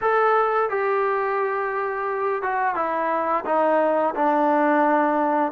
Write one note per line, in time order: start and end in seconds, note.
0.01 0.69 A4
0.69 2.42 G4
2.42 2.75 F#4
2.75 3.44 E4
3.45 4.14 D#4
4.15 5.52 D4